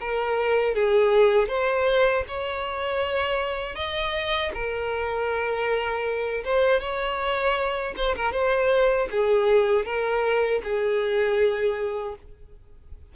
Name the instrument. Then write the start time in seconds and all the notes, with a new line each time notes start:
violin
0.00 A#4
0.74 G#4
1.48 C5
2.28 C#5
3.75 D#5
4.54 A#4
6.45 C5
6.80 C#5
7.96 C5
8.15 A#4
8.32 C5
9.11 G#4
9.85 A#4
10.63 G#4